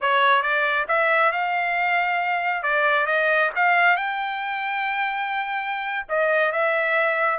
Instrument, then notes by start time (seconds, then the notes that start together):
trumpet
0.01 C#5
0.42 D5
0.87 E5
1.32 F5
2.62 D5
3.06 D#5
3.55 F5
3.96 G5
6.08 D#5
6.52 E5